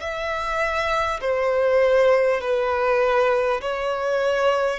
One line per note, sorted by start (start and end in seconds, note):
0.00 1.20 E5
1.20 2.40 C5
2.40 3.60 B4
3.61 4.79 C#5